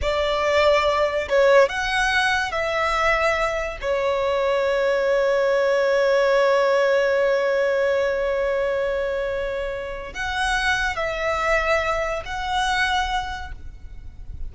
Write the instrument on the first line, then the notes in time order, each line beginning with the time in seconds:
violin
0.01 D5
1.28 C#5
1.68 F#5
2.51 E5
3.81 C#5
10.13 F#5
10.96 E5
12.25 F#5